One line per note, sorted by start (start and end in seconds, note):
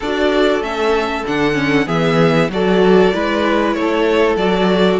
0.00 0.60 D4
0.00 0.62 F#4
0.00 1.86 A4
0.00 0.62 D5
0.60 1.23 A3
0.60 1.24 C#4
0.60 1.25 E5
1.26 1.86 D3
1.26 1.53 D4
1.26 1.88 F#5
1.53 1.84 C#4
1.86 2.49 E3
1.86 2.48 B3
1.86 2.49 G#4
1.86 2.50 E5
2.49 3.11 F#3
2.49 3.12 F#4
2.49 3.14 A4
2.49 3.73 D5
3.12 3.75 G#3
3.12 4.38 E4
3.12 3.76 B4
3.73 4.36 A3
3.73 4.36 C#5
3.80 4.99 A4
4.36 4.98 F#3
4.36 4.99 F#4
4.36 4.99 D5